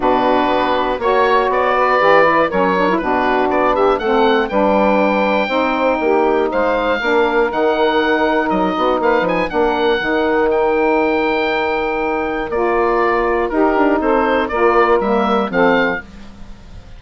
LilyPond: <<
  \new Staff \with { instrumentName = "oboe" } { \time 4/4 \tempo 4 = 120 b'2 cis''4 d''4~ | d''4 cis''4 b'4 d''8 e''8 | fis''4 g''2.~ | g''4 f''2 fis''4~ |
fis''4 dis''4 f''8 gis''8 fis''4~ | fis''4 g''2.~ | g''4 d''2 ais'4 | c''4 d''4 e''4 f''4 | }
  \new Staff \with { instrumentName = "saxophone" } { \time 4/4 fis'2 cis''4. b'8~ | b'4 ais'4 fis'4. g'8 | a'4 b'2 c''4 | g'4 c''4 ais'2~ |
ais'4. fis'8 b'4 ais'4~ | ais'1~ | ais'2. g'4 | a'4 ais'2 a'4 | }
  \new Staff \with { instrumentName = "saxophone" } { \time 4/4 d'2 fis'2 | g'8 e'8 cis'8 d'16 e'16 d'2 | c'4 d'2 dis'4~ | dis'2 d'4 dis'4~ |
dis'2. d'4 | dis'1~ | dis'4 f'2 dis'4~ | dis'4 f'4 ais4 c'4 | }
  \new Staff \with { instrumentName = "bassoon" } { \time 4/4 b,4 b4 ais4 b4 | e4 fis4 b,4 b4 | a4 g2 c'4 | ais4 gis4 ais4 dis4~ |
dis4 fis8 b8 ais8 f8 ais4 | dis1~ | dis4 ais2 dis'8 d'8 | c'4 ais4 g4 f4 | }
>>